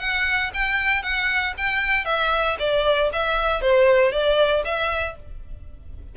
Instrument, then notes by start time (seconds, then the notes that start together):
violin
0.00 F#5
0.54 G5
1.03 F#5
1.58 G5
2.06 E5
2.59 D5
3.13 E5
3.62 C5
4.12 D5
4.65 E5